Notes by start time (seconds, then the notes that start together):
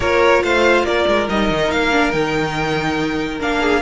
0.00 A#3 F4 A#4 C#5
0.43 A3 C5 F5
0.83 A#3 A#4 D5
1.07 G#3
1.28 G3 D#4 D#5
1.49 D#3
1.71 A#3 F5
1.91 D4
2.11 D#3 D#4 G5
3.39 A#3 D4 F5
3.60 G#4